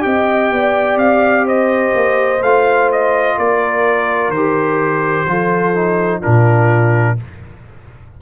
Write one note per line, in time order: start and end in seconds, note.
0.00 0.51 C4
0.00 2.38 G4
0.00 0.53 D#5
0.00 0.98 G5
0.51 0.96 B3
0.51 1.46 D5
0.96 1.91 C4
0.96 1.46 F5
1.46 3.37 C5
1.46 2.42 D#5
1.94 2.42 A#3
2.42 3.37 A3
2.42 4.35 F4
2.42 2.90 F5
2.91 3.38 D#5
3.37 4.29 A#3
3.37 5.28 A#4
3.37 4.31 D5
4.29 5.24 D#3
4.29 6.21 C5
4.36 5.27 G4
5.27 6.22 F3
5.27 5.74 F4
5.27 6.20 A4
5.74 6.22 D#4
6.20 7.21 A#2
6.20 7.17 D4
6.20 7.15 F4
6.20 7.17 A#4